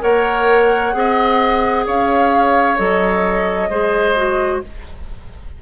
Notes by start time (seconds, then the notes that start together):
0.00 A#3 A#4 C#5 F#5
0.93 C4 G#4 D#5
1.86 C#4 C#5 F5
2.77 F#3 A4 D#5
3.70 G#3 G#4 C5
4.16 F#4